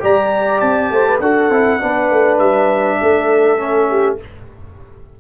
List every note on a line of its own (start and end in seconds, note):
0.00 0.61 G3
0.00 1.19 G4
0.00 0.92 D5
0.00 0.60 A#5
0.60 0.90 C4
0.60 1.19 A5
0.90 1.20 A3
0.90 1.08 C5
1.08 1.22 B4
1.20 1.49 D4
1.20 1.51 F#4
1.20 1.81 A4
1.20 2.38 F#5
1.50 1.79 C4
1.50 1.80 E4
1.80 2.10 B3
1.80 3.58 D4
1.80 3.00 B4
2.10 2.39 A3
2.38 2.99 G3
2.38 4.17 E5
3.01 4.20 A3
3.01 3.90 A4
3.58 4.17 C#4
3.90 4.20 G4